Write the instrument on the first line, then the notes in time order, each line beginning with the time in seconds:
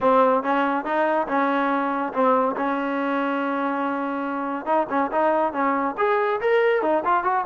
trombone
0.01 C4
0.43 C#4
0.84 D#4
1.27 C#4
2.13 C4
2.56 C#4
4.65 D#4
4.89 C#4
5.11 D#4
5.52 C#4
5.97 G#4
6.40 A#4
6.82 D#4
7.04 F4
7.23 F#4